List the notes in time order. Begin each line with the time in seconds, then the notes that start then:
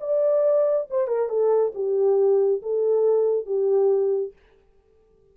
0.00 D5
0.90 C5
1.07 A#4
1.29 A4
1.75 G4
2.62 A4
3.46 G4